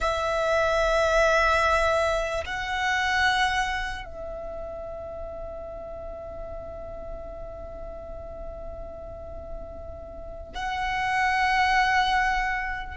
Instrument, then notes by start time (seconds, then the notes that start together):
violin
0.00 E5
2.45 F#5
4.04 E5
10.54 F#5